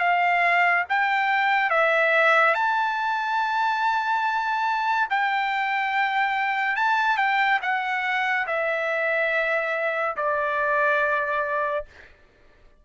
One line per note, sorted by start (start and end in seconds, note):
0.00 0.85 F5
0.90 1.71 G5
1.71 2.55 E5
2.55 5.08 A5
5.10 6.76 G5
6.76 7.18 A5
7.18 7.60 G5
7.62 8.47 F#5
8.47 10.16 E5
10.17 11.86 D5